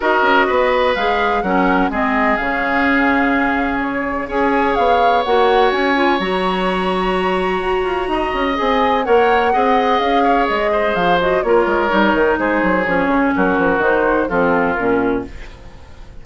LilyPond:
<<
  \new Staff \with { instrumentName = "flute" } { \time 4/4 \tempo 4 = 126 dis''2 f''4 fis''4 | dis''4 f''2. | cis''4 gis''4 f''4 fis''4 | gis''4 ais''2.~ |
ais''2 gis''4 fis''4~ | fis''4 f''4 dis''4 f''8 dis''8 | cis''2 c''4 cis''4 | ais'4 c''4 a'4 ais'4 | }
  \new Staff \with { instrumentName = "oboe" } { \time 4/4 ais'4 b'2 ais'4 | gis'1~ | gis'4 cis''2.~ | cis''1~ |
cis''4 dis''2 cis''4 | dis''4. cis''4 c''4. | ais'2 gis'2 | fis'2 f'2 | }
  \new Staff \with { instrumentName = "clarinet" } { \time 4/4 fis'2 gis'4 cis'4 | c'4 cis'2.~ | cis'4 gis'2 fis'4~ | fis'8 f'8 fis'2.~ |
fis'2 gis'4 ais'4 | gis'2.~ gis'8 fis'8 | f'4 dis'2 cis'4~ | cis'4 dis'4 c'4 cis'4 | }
  \new Staff \with { instrumentName = "bassoon" } { \time 4/4 dis'8 cis'8 b4 gis4 fis4 | gis4 cis2.~ | cis4 cis'4 b4 ais4 | cis'4 fis2. |
fis'8 f'8 dis'8 cis'8 c'4 ais4 | c'4 cis'4 gis4 f4 | ais8 gis8 g8 dis8 gis8 fis8 f8 cis8 | fis8 f8 dis4 f4 ais,4 | }
>>